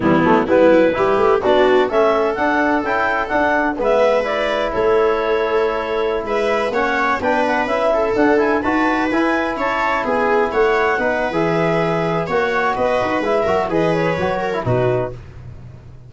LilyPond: <<
  \new Staff \with { instrumentName = "clarinet" } { \time 4/4 \tempo 4 = 127 e'4 b'2 d''4 | e''4 fis''4 g''4 fis''4 | e''4 d''4 cis''2~ | cis''4~ cis''16 e''4 fis''4 g''8 fis''16~ |
fis''16 e''4 fis''8 gis''8 a''4 gis''8.~ | gis''16 a''4 gis''4 fis''4.~ fis''16 | e''2 fis''4 dis''4 | e''4 dis''8 cis''4. b'4 | }
  \new Staff \with { instrumentName = "viola" } { \time 4/4 b4 e'4 g'4 fis'4 | a'1 | b'2 a'2~ | a'4~ a'16 b'4 cis''4 b'8.~ |
b'8. a'4. b'4.~ b'16~ | b'16 cis''4 gis'4 cis''4 b'8.~ | b'2 cis''4 b'4~ | b'8 ais'8 b'4. ais'8 fis'4 | }
  \new Staff \with { instrumentName = "trombone" } { \time 4/4 g8 a8 b4 e'4 d'4 | cis'4 d'4 e'4 d'4 | b4 e'2.~ | e'2~ e'16 cis'4 d'8.~ |
d'16 e'4 d'8 e'8 fis'4 e'8.~ | e'2.~ e'16 dis'8. | gis'2 fis'2 | e'8 fis'8 gis'4 fis'8. e'16 dis'4 | }
  \new Staff \with { instrumentName = "tuba" } { \time 4/4 e8 fis8 g8 fis8 g8 a8 b4 | a4 d'4 cis'4 d'4 | gis2 a2~ | a4~ a16 gis4 ais4 b8.~ |
b16 cis'4 d'4 dis'4 e'8.~ | e'16 cis'4 b4 a4 b8. | e2 ais4 b8 dis'8 | gis8 fis8 e4 fis4 b,4 | }
>>